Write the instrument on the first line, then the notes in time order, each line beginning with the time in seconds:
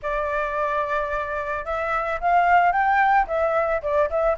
flute
0.02 D5
1.65 E5
2.20 F5
2.71 G5
3.27 E5
3.82 D5
4.09 E5